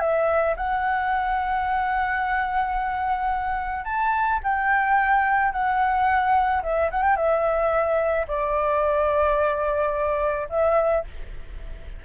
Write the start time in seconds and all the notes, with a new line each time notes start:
0.00 E5
0.57 F#5
3.85 A5
4.44 G5
5.52 F#5
6.63 E5
6.91 F#5
7.03 G5
7.16 E5
8.28 D5
10.50 E5